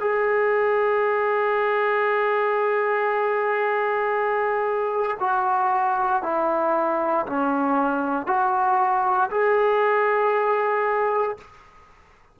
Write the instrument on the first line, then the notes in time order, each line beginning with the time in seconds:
trombone
0.00 G#4
5.20 F#4
6.22 E4
7.26 C#4
8.26 F#4
9.31 G#4